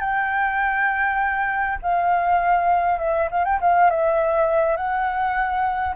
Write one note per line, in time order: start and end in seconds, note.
0.00 1.78 G5
1.82 2.99 F5
2.99 3.28 E5
3.31 3.45 F5
3.45 3.59 G5
3.61 3.90 F5
3.90 4.76 E5
4.76 5.95 F#5